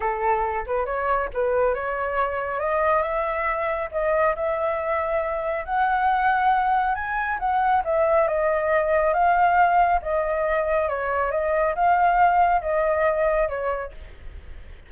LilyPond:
\new Staff \with { instrumentName = "flute" } { \time 4/4 \tempo 4 = 138 a'4. b'8 cis''4 b'4 | cis''2 dis''4 e''4~ | e''4 dis''4 e''2~ | e''4 fis''2. |
gis''4 fis''4 e''4 dis''4~ | dis''4 f''2 dis''4~ | dis''4 cis''4 dis''4 f''4~ | f''4 dis''2 cis''4 | }